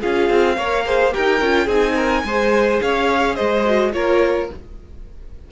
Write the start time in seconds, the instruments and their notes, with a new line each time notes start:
0.00 cello C#4, viola F4, violin G#4 F5
0.29 cello C4
0.56 cello A#3, viola A#4, violin C#5
0.85 viola G#4, violin C5
1.11 cello D#4, viola G4, violin A#4 G5
1.40 cello C#4, viola F4
1.65 cello C4, viola D#4, violin G#4 G#5
1.96 violin A#4
2.24 cello G#3, viola G#4, violin C5
2.81 cello C#4, violin C#5 F5
3.35 cello G#3, violin C5 D#5
3.65 viola F#4
3.92 cello A#3, viola F4, violin A#4 C#5